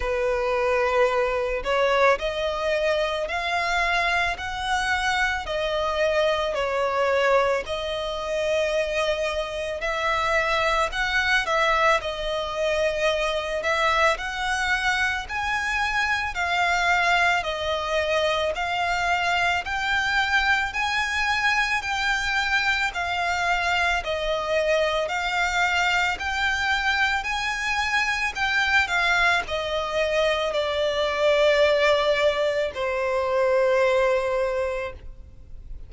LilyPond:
\new Staff \with { instrumentName = "violin" } { \time 4/4 \tempo 4 = 55 b'4. cis''8 dis''4 f''4 | fis''4 dis''4 cis''4 dis''4~ | dis''4 e''4 fis''8 e''8 dis''4~ | dis''8 e''8 fis''4 gis''4 f''4 |
dis''4 f''4 g''4 gis''4 | g''4 f''4 dis''4 f''4 | g''4 gis''4 g''8 f''8 dis''4 | d''2 c''2 | }